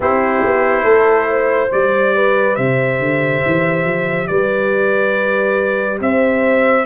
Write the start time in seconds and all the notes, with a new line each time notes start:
0.00 C4 E4 G4 C5
0.44 B3
0.83 A3 A4
1.30 C5
1.69 G3 G4 D5
2.15 B4
2.55 C3 C5 E5
2.99 D3
3.45 E3
3.84 F3
4.27 G3 B4 D5
6.00 C4 C5 E5